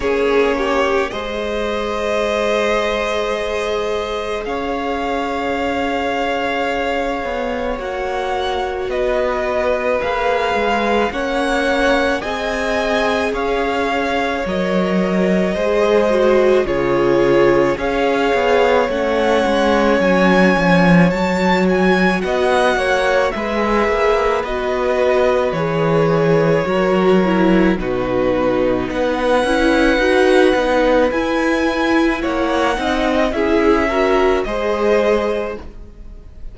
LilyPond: <<
  \new Staff \with { instrumentName = "violin" } { \time 4/4 \tempo 4 = 54 cis''4 dis''2. | f''2. fis''4 | dis''4 f''4 fis''4 gis''4 | f''4 dis''2 cis''4 |
f''4 fis''4 gis''4 a''8 gis''8 | fis''4 e''4 dis''4 cis''4~ | cis''4 b'4 fis''2 | gis''4 fis''4 e''4 dis''4 | }
  \new Staff \with { instrumentName = "violin" } { \time 4/4 gis'8 g'8 c''2. | cis''1 | b'2 cis''4 dis''4 | cis''2 c''4 gis'4 |
cis''1 | dis''8 cis''8 b'2. | ais'4 fis'4 b'2~ | b'4 cis''8 dis''8 gis'8 ais'8 c''4 | }
  \new Staff \with { instrumentName = "viola" } { \time 4/4 cis'4 gis'2.~ | gis'2. fis'4~ | fis'4 gis'4 cis'4 gis'4~ | gis'4 ais'4 gis'8 fis'8 f'4 |
gis'4 cis'2 fis'4~ | fis'4 gis'4 fis'4 gis'4 | fis'8 e'8 dis'4. e'8 fis'8 dis'8 | e'4. dis'8 e'8 fis'8 gis'4 | }
  \new Staff \with { instrumentName = "cello" } { \time 4/4 ais4 gis2. | cis'2~ cis'8 b8 ais4 | b4 ais8 gis8 ais4 c'4 | cis'4 fis4 gis4 cis4 |
cis'8 b8 a8 gis8 fis8 f8 fis4 | b8 ais8 gis8 ais8 b4 e4 | fis4 b,4 b8 cis'8 dis'8 b8 | e'4 ais8 c'8 cis'4 gis4 | }
>>